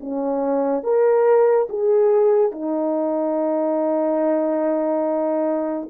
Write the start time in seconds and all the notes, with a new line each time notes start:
0.00 C#4
0.83 A#4
1.69 G#4
2.52 D#4